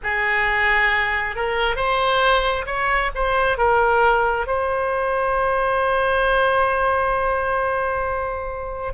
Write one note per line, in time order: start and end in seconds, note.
0.02 1.35 G#4
1.35 1.76 A#4
1.76 2.65 C5
2.66 3.11 C#5
3.15 3.57 C5
3.57 4.47 A#4
4.47 8.93 C5